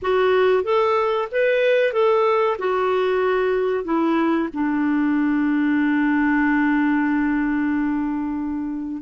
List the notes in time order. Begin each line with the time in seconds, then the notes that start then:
0.02 F#4
0.63 A4
1.31 B4
1.92 A4
2.58 F#4
3.84 E4
4.53 D4